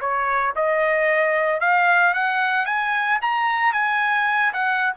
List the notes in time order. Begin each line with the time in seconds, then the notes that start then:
0.00 C#5
0.55 D#5
1.60 F5
2.14 F#5
2.65 G#5
3.21 A#5
3.72 G#5
4.53 F#5